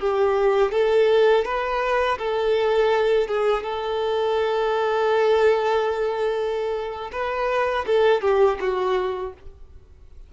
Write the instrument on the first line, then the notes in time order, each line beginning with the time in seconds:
violin
0.00 G4
0.72 A4
1.45 B4
2.18 A4
3.27 G#4
3.63 A4
7.12 B4
7.86 A4
8.22 G4
8.60 F#4